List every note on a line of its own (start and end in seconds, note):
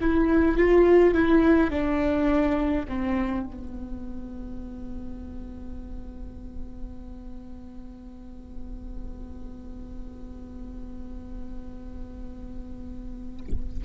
0.00 0.57 E4
0.57 1.14 F4
1.14 1.70 E4
1.70 2.86 D4
2.88 3.46 C4
3.46 13.84 B3